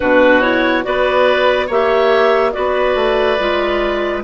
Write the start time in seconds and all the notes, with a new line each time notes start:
0.00 B2 D4 F#4 B4
0.41 E4 C#5
0.83 B3 F#4 B4 D5
1.66 A#3 G4 C#5 E5
2.52 B3 F#4 B4 D5
2.95 A3
3.39 G#3 F4